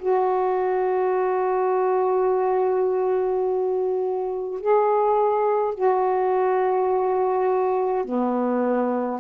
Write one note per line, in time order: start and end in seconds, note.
0.00 4.60 F#4
4.60 5.75 G#4
5.75 8.05 F#4
8.05 9.20 B3